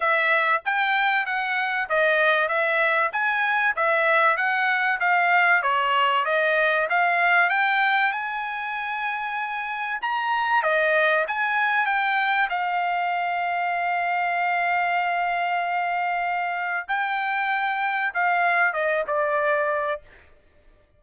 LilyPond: \new Staff \with { instrumentName = "trumpet" } { \time 4/4 \tempo 4 = 96 e''4 g''4 fis''4 dis''4 | e''4 gis''4 e''4 fis''4 | f''4 cis''4 dis''4 f''4 | g''4 gis''2. |
ais''4 dis''4 gis''4 g''4 | f''1~ | f''2. g''4~ | g''4 f''4 dis''8 d''4. | }